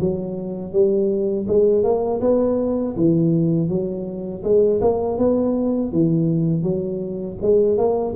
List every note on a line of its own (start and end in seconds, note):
0.00 0.72 F#3
0.72 1.46 G3
1.47 1.83 G#3
1.83 2.20 A#3
2.21 2.95 B3
2.96 3.69 E3
3.69 4.43 F#3
4.43 4.80 G#3
4.81 5.18 A#3
5.18 5.92 B3
5.92 6.62 E3
6.62 7.36 F#3
7.41 7.77 G#3
7.77 8.14 A#3